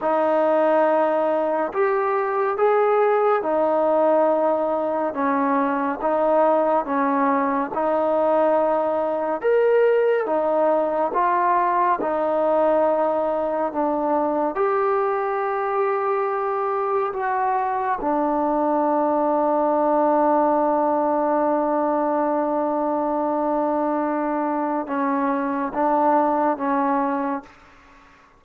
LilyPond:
\new Staff \with { instrumentName = "trombone" } { \time 4/4 \tempo 4 = 70 dis'2 g'4 gis'4 | dis'2 cis'4 dis'4 | cis'4 dis'2 ais'4 | dis'4 f'4 dis'2 |
d'4 g'2. | fis'4 d'2.~ | d'1~ | d'4 cis'4 d'4 cis'4 | }